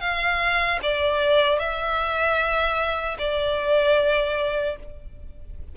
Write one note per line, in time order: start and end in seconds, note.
0.00 0.79 F5
0.82 1.59 D5
1.59 3.17 E5
3.18 4.76 D5